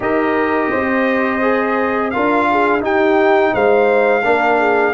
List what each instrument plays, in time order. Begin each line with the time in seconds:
0.00 tuba D#4, trombone G4, horn A#4, trumpet D#5
0.70 tuba C4, horn C5
1.41 trombone G#4
2.10 tuba D4, trombone F4, horn A#4, trumpet F5
2.51 horn G#4
2.80 trombone D#4, tuba D#4, horn G4, trumpet G5
3.53 tuba G#3, horn C5, trumpet F5
4.23 tuba A#3, trombone D4, horn A#4
4.59 horn G#4